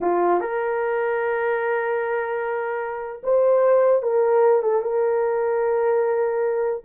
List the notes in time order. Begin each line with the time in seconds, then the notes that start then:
0.00 F4
0.40 A#4
3.23 C5
4.02 A#4
4.62 A4
4.82 A#4